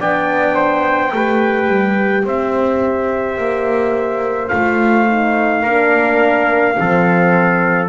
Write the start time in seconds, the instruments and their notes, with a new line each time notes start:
0.00 double bass B3, horn D4, trumpet D5 G5
0.55 trumpet C5
1.12 double bass A3, horn G4, trumpet B4
1.67 double bass G3
2.24 double bass C4, trumpet C5 E5
3.37 double bass A#3
4.48 double bass A3, horn F4, trumpet F5
5.08 horn D#4
5.62 double bass A#3, horn D4, trumpet A#4
6.76 double bass F3, horn C4, trumpet A4